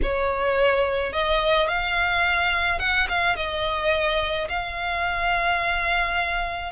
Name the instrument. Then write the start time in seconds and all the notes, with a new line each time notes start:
violin
0.02 C#5
1.12 D#5
1.68 F5
2.79 F#5
3.08 F5
3.36 D#5
4.49 F5